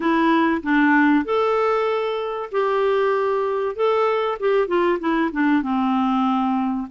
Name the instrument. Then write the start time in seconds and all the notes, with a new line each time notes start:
clarinet
0.00 E4
0.62 D4
1.24 A4
2.51 G4
3.75 A4
4.39 G4
4.67 F4
4.99 E4
5.32 D4
5.62 C4